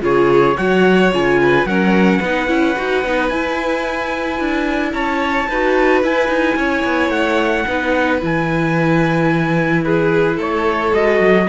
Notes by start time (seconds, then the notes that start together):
0.00 C#3 F4 G#4 C#5
0.57 F#3 F#4 C#5 F#5
1.12 C#3 F4 G#5
1.42 B4
1.65 F#3 C#4 A#4 F#5
2.18 B3 B4
2.25 D#4
2.47 C#4 E4
2.77 D#4 F#4
3.04 B3 D#4
3.29 E4 G#5
4.40 D4
4.93 C#4 C#5 A5
5.49 D#4 F#4 B4
6.03 E4 G#5
6.29 D#4
6.56 C#4 C#5
6.85 B3
7.09 A3 F#5
7.66 B3 D#4 B4
8.20 E3 E4 G#5
9.84 G#4 B4
10.36 A3 A4 C#5
10.93 G#3 F#4 D#5
11.20 F#3